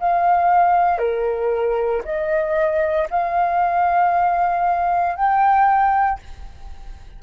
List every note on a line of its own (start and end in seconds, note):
0.00 0.98 F5
0.98 2.02 A#4
2.05 3.08 D#5
3.10 5.16 F5
5.16 6.19 G5